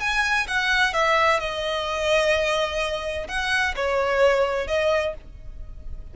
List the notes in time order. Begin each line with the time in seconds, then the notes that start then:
0.00 G#5
0.47 F#5
0.93 E5
1.40 D#5
3.28 F#5
3.75 C#5
4.67 D#5